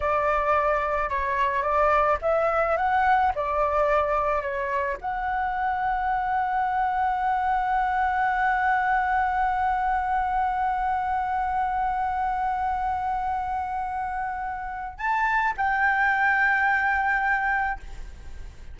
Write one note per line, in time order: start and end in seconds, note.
0.00 1.09 D5
1.09 1.62 C#5
1.62 2.17 D5
2.21 2.77 E5
2.77 3.32 F#5
3.35 4.41 D5
4.41 4.97 C#5
5.01 14.97 F#5
14.97 15.53 A5
15.57 17.79 G5